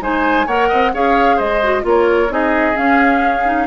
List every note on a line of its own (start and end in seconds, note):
0.00 0.46 G#3
0.00 0.47 D#4
0.00 0.47 C5
0.00 0.48 G#5
0.46 0.69 A#3
0.46 0.93 A#4
0.46 0.68 C#5
0.46 0.93 F#5
0.68 0.94 C4
0.68 0.91 D#5
0.93 1.39 C#4
0.93 1.62 G#4
0.93 1.36 C#5
0.93 1.39 F5
1.36 1.84 G#3
1.36 1.82 C5
1.36 1.85 D#5
1.62 1.82 F#4
1.82 2.29 A#3
1.82 2.27 F4
1.82 2.33 C#5
1.88 2.33 A#4
2.29 2.75 C4
2.29 2.74 D#4
2.29 3.67 G#4
2.29 2.77 D#5
2.74 3.43 C#4
2.74 3.67 C#4
2.74 3.67 F5
3.45 3.67 D#4